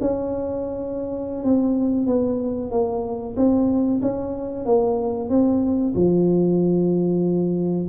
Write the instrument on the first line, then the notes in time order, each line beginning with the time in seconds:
tuba
0.00 C#4
1.44 C4
2.06 B3
2.70 A#3
3.36 C4
4.01 C#4
4.65 A#3
5.29 C4
5.94 F3